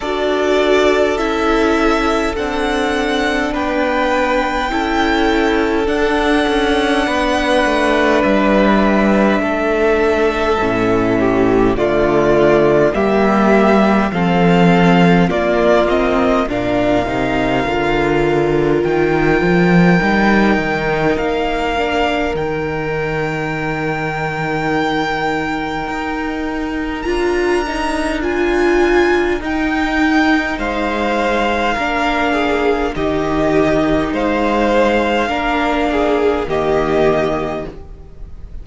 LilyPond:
<<
  \new Staff \with { instrumentName = "violin" } { \time 4/4 \tempo 4 = 51 d''4 e''4 fis''4 g''4~ | g''4 fis''2 e''4~ | e''2 d''4 e''4 | f''4 d''8 dis''8 f''2 |
g''2 f''4 g''4~ | g''2. ais''4 | gis''4 g''4 f''2 | dis''4 f''2 dis''4 | }
  \new Staff \with { instrumentName = "violin" } { \time 4/4 a'2. b'4 | a'2 b'2 | a'4. g'8 f'4 g'4 | a'4 f'4 ais'2~ |
ais'1~ | ais'1~ | ais'2 c''4 ais'8 gis'8 | g'4 c''4 ais'8 gis'8 g'4 | }
  \new Staff \with { instrumentName = "viola" } { \time 4/4 fis'4 e'4 d'2 | e'4 d'2.~ | d'4 cis'4 a4 ais4 | c'4 ais8 c'8 d'8 dis'8 f'4~ |
f'4 dis'4. d'8 dis'4~ | dis'2. f'8 dis'8 | f'4 dis'2 d'4 | dis'2 d'4 ais4 | }
  \new Staff \with { instrumentName = "cello" } { \time 4/4 d'4 cis'4 c'4 b4 | cis'4 d'8 cis'8 b8 a8 g4 | a4 a,4 d4 g4 | f4 ais4 ais,8 c8 d4 |
dis8 f8 g8 dis8 ais4 dis4~ | dis2 dis'4 d'4~ | d'4 dis'4 gis4 ais4 | dis4 gis4 ais4 dis4 | }
>>